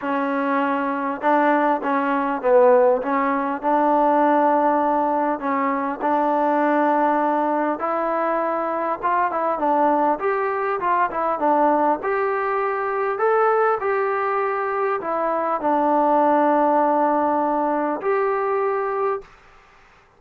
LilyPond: \new Staff \with { instrumentName = "trombone" } { \time 4/4 \tempo 4 = 100 cis'2 d'4 cis'4 | b4 cis'4 d'2~ | d'4 cis'4 d'2~ | d'4 e'2 f'8 e'8 |
d'4 g'4 f'8 e'8 d'4 | g'2 a'4 g'4~ | g'4 e'4 d'2~ | d'2 g'2 | }